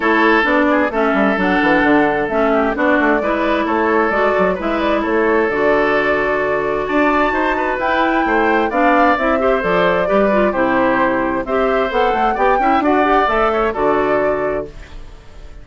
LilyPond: <<
  \new Staff \with { instrumentName = "flute" } { \time 4/4 \tempo 4 = 131 cis''4 d''4 e''4 fis''4~ | fis''4 e''4 d''2 | cis''4 d''4 e''8 d''8 cis''4 | d''2. a''4~ |
a''4 g''2 f''4 | e''4 d''2 c''4~ | c''4 e''4 fis''4 g''4 | fis''4 e''4 d''2 | }
  \new Staff \with { instrumentName = "oboe" } { \time 4/4 a'4. gis'8 a'2~ | a'4. g'8 fis'4 b'4 | a'2 b'4 a'4~ | a'2. d''4 |
c''8 b'4. c''4 d''4~ | d''8 c''4. b'4 g'4~ | g'4 c''2 d''8 e''8 | d''4. cis''8 a'2 | }
  \new Staff \with { instrumentName = "clarinet" } { \time 4/4 e'4 d'4 cis'4 d'4~ | d'4 cis'4 d'4 e'4~ | e'4 fis'4 e'2 | fis'1~ |
fis'4 e'2 d'4 | e'8 g'8 a'4 g'8 f'8 e'4~ | e'4 g'4 a'4 g'8 e'8 | fis'8 g'8 a'4 fis'2 | }
  \new Staff \with { instrumentName = "bassoon" } { \time 4/4 a4 b4 a8 g8 fis8 e8 | d4 a4 b8 a8 gis4 | a4 gis8 fis8 gis4 a4 | d2. d'4 |
dis'4 e'4 a4 b4 | c'4 f4 g4 c4~ | c4 c'4 b8 a8 b8 cis'8 | d'4 a4 d2 | }
>>